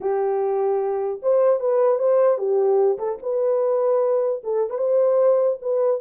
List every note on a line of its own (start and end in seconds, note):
0.00 1.20 G4
1.22 1.60 C5
1.60 1.99 B4
1.99 2.37 C5
2.37 2.97 G4
2.98 3.18 A4
3.22 4.42 B4
4.43 4.70 A4
4.70 4.77 B4
4.77 5.57 C5
5.61 6.01 B4